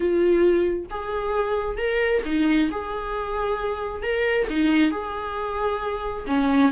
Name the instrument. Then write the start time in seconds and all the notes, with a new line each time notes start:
viola
0.00 F4
0.90 G#4
1.77 A#4
2.25 D#4
2.71 G#4
4.02 A#4
4.49 D#4
4.91 G#4
6.27 C#4